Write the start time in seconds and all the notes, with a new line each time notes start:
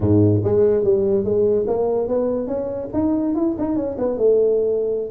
0.00 G#2
0.44 G#3
0.83 G3
1.24 G#3
1.67 A#3
2.08 B3
2.47 C#4
2.93 D#4
3.35 E4
3.58 D#4
3.75 C#4
3.98 B3
4.17 A3